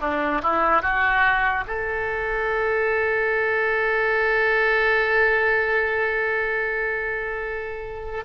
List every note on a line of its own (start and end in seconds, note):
0.00 0.41 D4
0.42 0.82 E4
0.82 1.64 F#4
1.67 8.24 A4